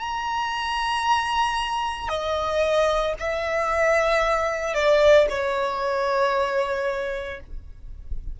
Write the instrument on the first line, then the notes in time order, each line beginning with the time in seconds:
violin
0.00 A#5
2.09 D#5
3.19 E5
4.74 D5
5.29 C#5